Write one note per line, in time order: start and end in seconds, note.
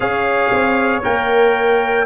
0.00 0.51 C#4
0.00 1.02 G#4
0.00 2.06 C#5
0.00 1.01 F5
0.52 1.03 C4
1.02 2.06 A#3
1.02 2.06 A#4
1.02 2.06 G5